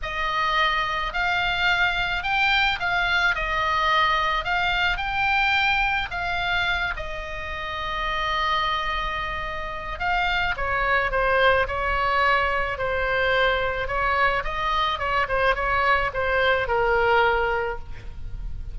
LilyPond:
\new Staff \with { instrumentName = "oboe" } { \time 4/4 \tempo 4 = 108 dis''2 f''2 | g''4 f''4 dis''2 | f''4 g''2 f''4~ | f''8 dis''2.~ dis''8~ |
dis''2 f''4 cis''4 | c''4 cis''2 c''4~ | c''4 cis''4 dis''4 cis''8 c''8 | cis''4 c''4 ais'2 | }